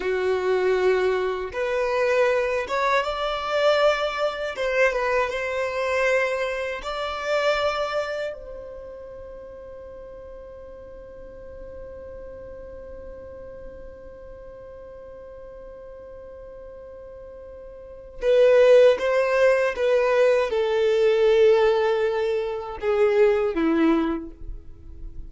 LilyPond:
\new Staff \with { instrumentName = "violin" } { \time 4/4 \tempo 4 = 79 fis'2 b'4. cis''8 | d''2 c''8 b'8 c''4~ | c''4 d''2 c''4~ | c''1~ |
c''1~ | c''1 | b'4 c''4 b'4 a'4~ | a'2 gis'4 e'4 | }